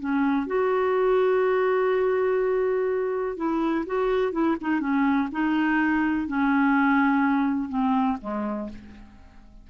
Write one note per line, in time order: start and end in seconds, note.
0.00 0.47 C#4
0.47 3.37 F#4
3.37 3.85 E4
3.86 4.32 F#4
4.32 4.56 E4
4.61 4.80 D#4
4.80 5.29 C#4
5.32 6.27 D#4
6.27 7.69 C#4
7.69 8.18 C4
8.21 8.69 G#3